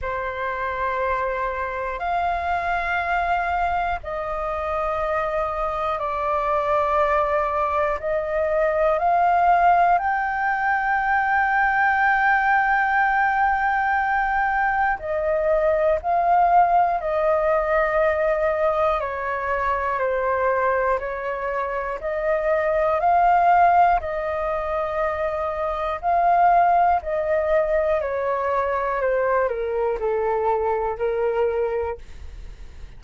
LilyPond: \new Staff \with { instrumentName = "flute" } { \time 4/4 \tempo 4 = 60 c''2 f''2 | dis''2 d''2 | dis''4 f''4 g''2~ | g''2. dis''4 |
f''4 dis''2 cis''4 | c''4 cis''4 dis''4 f''4 | dis''2 f''4 dis''4 | cis''4 c''8 ais'8 a'4 ais'4 | }